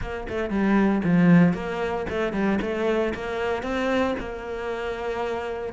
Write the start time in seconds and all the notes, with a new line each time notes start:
0.01 A#3
0.28 A3
0.50 G3
1.04 F3
1.53 A#3
2.09 A3
2.32 G3
2.61 A3
3.14 A#3
3.63 C4
4.19 A#3